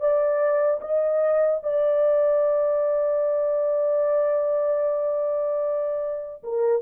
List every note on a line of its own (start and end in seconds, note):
0.00 0.80 D5
0.81 1.61 D#5
1.63 6.43 D5
6.44 6.82 A#4